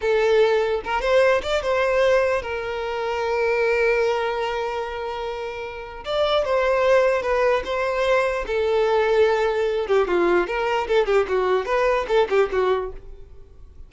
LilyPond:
\new Staff \with { instrumentName = "violin" } { \time 4/4 \tempo 4 = 149 a'2 ais'8 c''4 d''8 | c''2 ais'2~ | ais'1~ | ais'2. d''4 |
c''2 b'4 c''4~ | c''4 a'2.~ | a'8 g'8 f'4 ais'4 a'8 g'8 | fis'4 b'4 a'8 g'8 fis'4 | }